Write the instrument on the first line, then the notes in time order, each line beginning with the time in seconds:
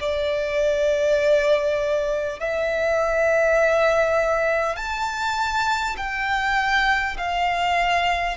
violin
0.00 D5
2.40 E5
4.76 A5
5.97 G5
7.17 F5